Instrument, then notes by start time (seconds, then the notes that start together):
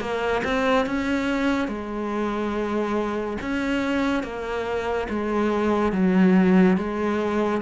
cello
0.00 A#3
0.44 C4
0.86 C#4
1.68 G#3
3.41 C#4
4.23 A#3
5.09 G#3
5.92 F#3
6.77 G#3